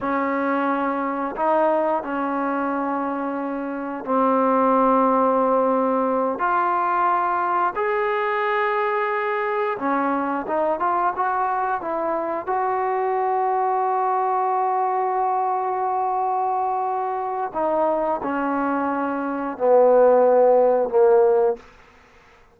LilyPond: \new Staff \with { instrumentName = "trombone" } { \time 4/4 \tempo 4 = 89 cis'2 dis'4 cis'4~ | cis'2 c'2~ | c'4. f'2 gis'8~ | gis'2~ gis'8 cis'4 dis'8 |
f'8 fis'4 e'4 fis'4.~ | fis'1~ | fis'2 dis'4 cis'4~ | cis'4 b2 ais4 | }